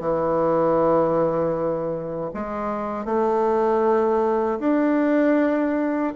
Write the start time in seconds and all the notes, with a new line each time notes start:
0.00 E3
2.34 G#3
3.06 A3
4.59 D4